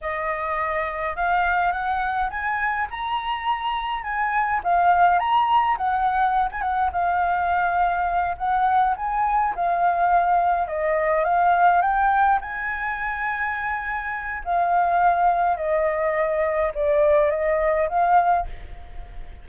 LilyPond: \new Staff \with { instrumentName = "flute" } { \time 4/4 \tempo 4 = 104 dis''2 f''4 fis''4 | gis''4 ais''2 gis''4 | f''4 ais''4 fis''4~ fis''16 gis''16 fis''8 | f''2~ f''8 fis''4 gis''8~ |
gis''8 f''2 dis''4 f''8~ | f''8 g''4 gis''2~ gis''8~ | gis''4 f''2 dis''4~ | dis''4 d''4 dis''4 f''4 | }